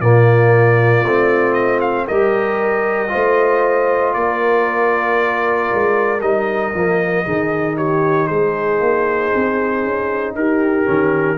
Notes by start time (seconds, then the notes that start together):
0.00 A#2 A#3 F4 D5
1.03 A3 C4
1.53 D#5
1.80 F5
2.06 G3 G4 A#4 D#5
3.08 A3 F4 C5
4.13 A#3 A#4 D5
5.73 G#3
6.20 G3 D#4 D#5
6.74 F3 A#3
7.25 D#3 D#4 G#4
7.76 G4 C#5
8.27 G#3 G#4 C5
8.80 A#3
9.35 C4
9.84 C#4
10.34 D#4 G4 A#4
10.85 D#3 C#4